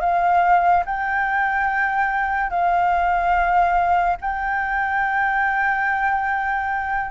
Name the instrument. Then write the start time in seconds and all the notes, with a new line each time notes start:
flute
0.00 F5
0.85 G5
2.50 F5
4.21 G5